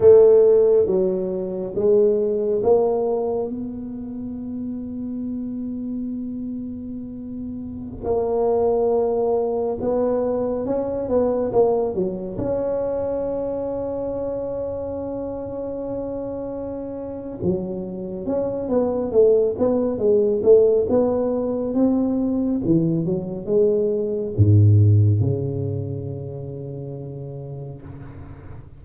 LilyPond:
\new Staff \with { instrumentName = "tuba" } { \time 4/4 \tempo 4 = 69 a4 fis4 gis4 ais4 | b1~ | b4~ b16 ais2 b8.~ | b16 cis'8 b8 ais8 fis8 cis'4.~ cis'16~ |
cis'1 | fis4 cis'8 b8 a8 b8 gis8 a8 | b4 c'4 e8 fis8 gis4 | gis,4 cis2. | }